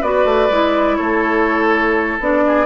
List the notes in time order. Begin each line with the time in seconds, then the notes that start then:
0.00 B3 F#4 B4 D5
0.25 A3
0.50 G#3 E4
0.96 A3 A4 C#5
2.20 B3 D4 D5
2.47 G#4